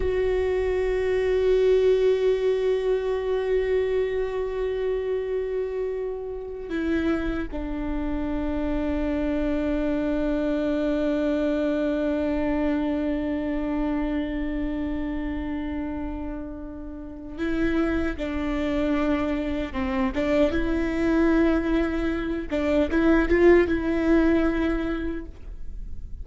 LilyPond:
\new Staff \with { instrumentName = "viola" } { \time 4/4 \tempo 4 = 76 fis'1~ | fis'1~ | fis'8 e'4 d'2~ d'8~ | d'1~ |
d'1~ | d'2 e'4 d'4~ | d'4 c'8 d'8 e'2~ | e'8 d'8 e'8 f'8 e'2 | }